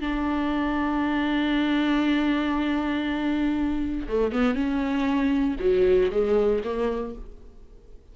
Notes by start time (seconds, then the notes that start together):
0.00 D4
4.08 A3
4.32 B3
4.54 C#4
5.59 F#3
6.11 G#3
6.64 A#3